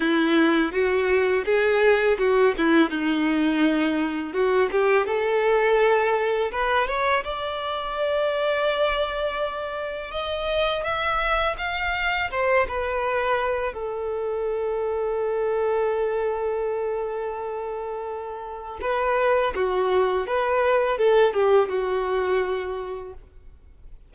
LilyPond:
\new Staff \with { instrumentName = "violin" } { \time 4/4 \tempo 4 = 83 e'4 fis'4 gis'4 fis'8 e'8 | dis'2 fis'8 g'8 a'4~ | a'4 b'8 cis''8 d''2~ | d''2 dis''4 e''4 |
f''4 c''8 b'4. a'4~ | a'1~ | a'2 b'4 fis'4 | b'4 a'8 g'8 fis'2 | }